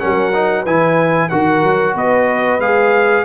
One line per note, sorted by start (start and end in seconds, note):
0.00 0.66 F#3
0.00 0.33 C#4
0.00 0.63 A#4
0.00 0.65 F#5
0.34 0.66 D#4
0.63 1.31 E3
0.63 1.31 E4
0.63 1.28 B4
0.63 1.30 G#5
1.30 1.64 D#3
1.30 2.61 F#4
1.30 1.95 A#4
1.30 1.95 F#5
1.64 1.95 F#3
1.95 2.60 B3
1.95 3.25 B4
1.95 2.61 D#5
2.60 3.25 G#3
2.60 3.25 G#4
2.60 3.25 F5